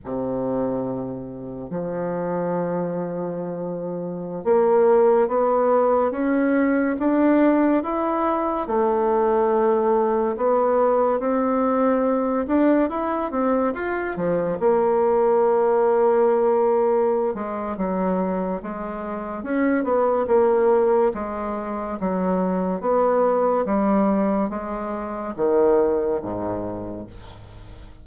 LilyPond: \new Staff \with { instrumentName = "bassoon" } { \time 4/4 \tempo 4 = 71 c2 f2~ | f4~ f16 ais4 b4 cis'8.~ | cis'16 d'4 e'4 a4.~ a16~ | a16 b4 c'4. d'8 e'8 c'16~ |
c'16 f'8 f8 ais2~ ais8.~ | ais8 gis8 fis4 gis4 cis'8 b8 | ais4 gis4 fis4 b4 | g4 gis4 dis4 gis,4 | }